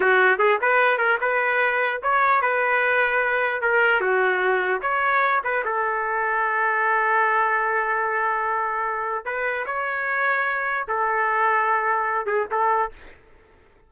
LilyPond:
\new Staff \with { instrumentName = "trumpet" } { \time 4/4 \tempo 4 = 149 fis'4 gis'8 b'4 ais'8 b'4~ | b'4 cis''4 b'2~ | b'4 ais'4 fis'2 | cis''4. b'8 a'2~ |
a'1~ | a'2. b'4 | cis''2. a'4~ | a'2~ a'8 gis'8 a'4 | }